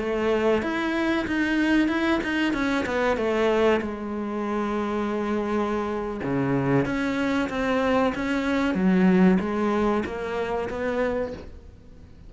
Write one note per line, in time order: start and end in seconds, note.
0.00 0.63 A3
0.63 1.26 E4
1.27 1.89 D#4
1.89 2.21 E4
2.24 2.54 D#4
2.54 2.86 C#4
2.86 3.17 B3
3.17 3.81 A3
3.82 6.21 G#3
6.24 6.86 C#3
6.86 7.49 C#4
7.50 8.14 C4
8.15 8.75 C#4
8.75 9.39 F#3
9.40 10.04 G#3
10.06 10.69 A#3
10.70 11.34 B3